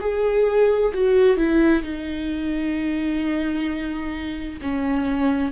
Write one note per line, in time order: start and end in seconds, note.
0.00 0.92 G#4
0.94 1.37 F#4
1.37 1.83 E4
1.83 4.60 D#4
4.62 5.52 C#4